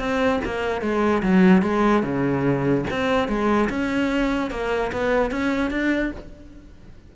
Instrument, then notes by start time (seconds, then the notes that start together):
cello
0.00 C4
0.45 A#3
0.82 G#3
1.23 F#3
1.63 G#3
2.03 C#3
2.91 C4
3.29 G#3
3.70 C#4
4.51 A#3
4.93 B3
5.31 C#4
5.71 D4